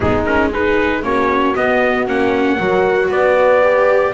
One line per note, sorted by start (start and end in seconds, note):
0.00 1.02 G#3
0.00 0.25 B3
0.00 0.50 D#4
0.00 0.25 G#4
0.25 0.51 C#4
0.25 0.51 A#4
0.50 1.03 D#4
0.50 1.02 G#4
0.50 1.04 B4
1.02 1.54 A#3
1.02 1.54 C#4
1.02 2.57 F#4
1.02 1.55 C#5
1.54 2.06 B3
1.54 2.07 D#5
2.06 2.58 A#3
2.06 2.58 C#4
2.06 3.11 F#5
2.57 3.09 F#3
2.57 3.61 F#4
2.57 3.09 A#4
3.09 4.12 B3
3.09 4.13 B4
3.09 4.13 D5
3.61 4.13 G4